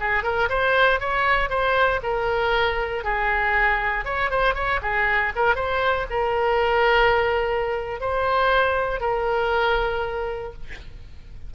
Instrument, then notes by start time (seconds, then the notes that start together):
oboe
0.00 G#4
0.23 A#4
0.49 C5
1.00 C#5
1.50 C5
2.03 A#4
3.04 G#4
4.05 C#5
4.30 C5
4.54 C#5
4.82 G#4
5.35 A#4
5.55 C5
6.10 A#4
8.00 C5
9.00 A#4